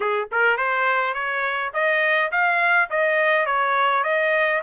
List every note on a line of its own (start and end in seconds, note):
0.00 0.29 G#4
0.31 0.57 A#4
0.57 1.14 C5
1.14 1.72 C#5
1.73 2.31 D#5
2.31 2.89 F5
2.90 3.45 D#5
3.45 4.03 C#5
4.03 4.61 D#5